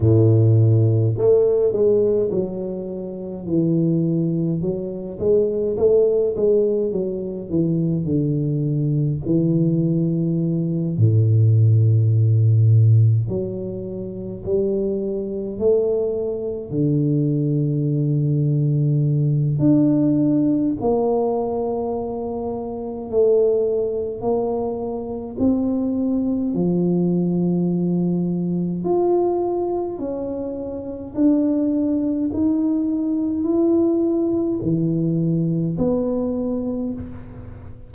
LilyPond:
\new Staff \with { instrumentName = "tuba" } { \time 4/4 \tempo 4 = 52 a,4 a8 gis8 fis4 e4 | fis8 gis8 a8 gis8 fis8 e8 d4 | e4. a,2 fis8~ | fis8 g4 a4 d4.~ |
d4 d'4 ais2 | a4 ais4 c'4 f4~ | f4 f'4 cis'4 d'4 | dis'4 e'4 e4 b4 | }